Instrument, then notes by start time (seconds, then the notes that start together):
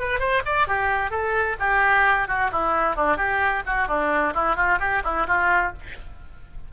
oboe
0.00 B4
0.20 C5
0.46 D5
0.68 G4
1.11 A4
1.60 G4
2.28 F#4
2.52 E4
2.96 D4
3.17 G4
3.66 F#4
3.88 D4
4.34 E4
4.56 F4
4.80 G4
5.04 E4
5.27 F4